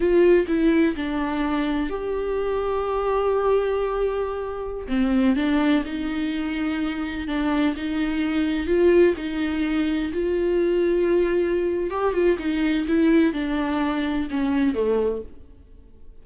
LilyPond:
\new Staff \with { instrumentName = "viola" } { \time 4/4 \tempo 4 = 126 f'4 e'4 d'2 | g'1~ | g'2~ g'16 c'4 d'8.~ | d'16 dis'2. d'8.~ |
d'16 dis'2 f'4 dis'8.~ | dis'4~ dis'16 f'2~ f'8.~ | f'4 g'8 f'8 dis'4 e'4 | d'2 cis'4 a4 | }